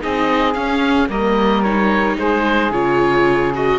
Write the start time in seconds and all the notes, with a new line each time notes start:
0.00 C4 D#4 G#4 D#5
0.54 C#4 F5
1.09 G3 A#3 A#4 D#5
1.62 D#4 C#5
2.17 G#3 G#4 C5
2.71 C#3 F4 C#5
3.54 F#4 D#5